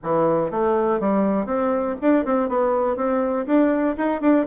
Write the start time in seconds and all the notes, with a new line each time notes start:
0.03 E3
0.50 A3
1.00 G3
1.46 C4
2.01 D4
2.25 C4
2.48 B3
2.96 C4
3.46 D4
3.97 D#4
4.21 D4